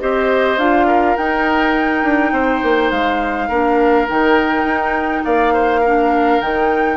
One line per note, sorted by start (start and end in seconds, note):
0.00 0.58 C4
0.00 0.58 G4
0.00 0.87 C5
0.00 0.59 D#5
0.58 1.16 D4
0.58 1.18 F4
0.58 1.17 F5
0.87 2.33 A#4
1.17 2.04 D#4
1.17 3.51 D#4
1.17 2.91 G5
2.04 2.32 D4
2.32 2.61 C4
2.32 3.49 C5
2.63 2.92 A#3
2.91 3.49 G#3
2.91 4.07 F5
3.49 4.08 A#3
3.49 4.08 D4
3.49 5.23 A#4
4.08 4.64 D#3
4.08 5.83 D#4
4.08 5.25 G5
4.64 5.23 D#4
5.25 6.41 A#3
5.25 5.54 D5
5.25 6.41 F5
5.54 5.80 C5
5.80 6.42 D4
5.80 6.97 A#4
6.41 6.97 D#3
6.41 6.97 D#4
6.41 6.97 G5